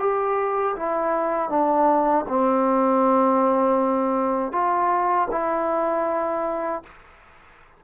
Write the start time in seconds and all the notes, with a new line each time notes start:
0.00 G4
0.77 E4
1.50 D4
2.29 C4
4.53 F4
5.31 E4